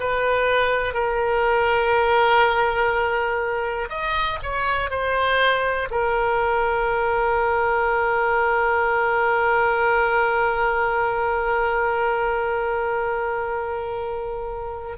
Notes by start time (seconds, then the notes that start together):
0.00 B4
0.94 A#4
3.89 D#5
4.43 C#5
4.90 C5
5.91 A#4